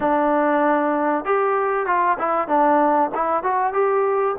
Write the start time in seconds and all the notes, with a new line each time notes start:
0.00 D4
1.24 G4
1.86 F4
2.18 E4
2.48 D4
3.14 E4
3.43 F#4
3.73 G4